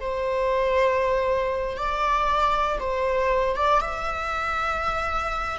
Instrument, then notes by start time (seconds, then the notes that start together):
viola
0.00 C5
1.77 D5
2.79 C5
3.55 D5
3.81 E5